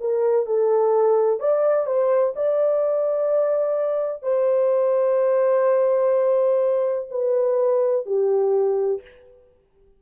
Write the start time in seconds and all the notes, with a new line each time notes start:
0.00 A#4
0.46 A4
1.40 D5
1.86 C5
2.36 D5
4.23 C5
7.10 B4
8.06 G4